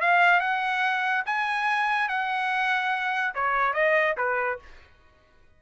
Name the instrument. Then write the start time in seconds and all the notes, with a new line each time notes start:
trumpet
0.00 F5
0.40 F#5
1.25 G#5
2.08 F#5
3.34 C#5
3.73 D#5
4.17 B4